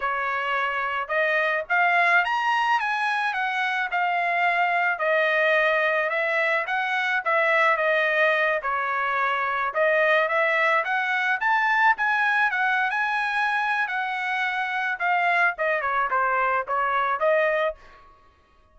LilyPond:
\new Staff \with { instrumentName = "trumpet" } { \time 4/4 \tempo 4 = 108 cis''2 dis''4 f''4 | ais''4 gis''4 fis''4 f''4~ | f''4 dis''2 e''4 | fis''4 e''4 dis''4. cis''8~ |
cis''4. dis''4 e''4 fis''8~ | fis''8 a''4 gis''4 fis''8. gis''8.~ | gis''4 fis''2 f''4 | dis''8 cis''8 c''4 cis''4 dis''4 | }